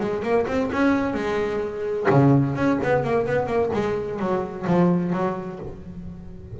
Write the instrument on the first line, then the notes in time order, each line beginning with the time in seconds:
double bass
0.00 G#3
0.23 A#3
0.47 C4
0.73 C#4
1.14 G#3
2.10 C#3
2.56 C#4
2.84 B3
3.04 A#3
3.27 B3
3.47 A#3
3.74 G#3
4.19 F#3
4.67 F3
5.13 F#3